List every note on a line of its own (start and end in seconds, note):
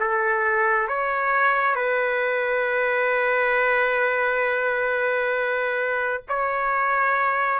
0.00 0.88 A4
0.88 1.75 C#5
1.75 6.23 B4
6.29 7.60 C#5